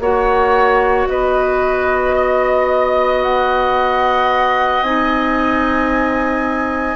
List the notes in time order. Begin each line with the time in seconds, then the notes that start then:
0.00 A#3 F#4 C#5 F#5
1.08 B3 B4 D#5
2.16 D#5
3.23 F#5
4.82 C4 D#4 G#5